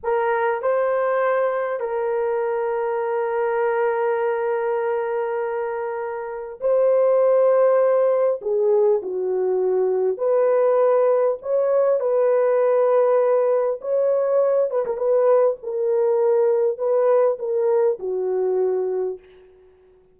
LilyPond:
\new Staff \with { instrumentName = "horn" } { \time 4/4 \tempo 4 = 100 ais'4 c''2 ais'4~ | ais'1~ | ais'2. c''4~ | c''2 gis'4 fis'4~ |
fis'4 b'2 cis''4 | b'2. cis''4~ | cis''8 b'16 ais'16 b'4 ais'2 | b'4 ais'4 fis'2 | }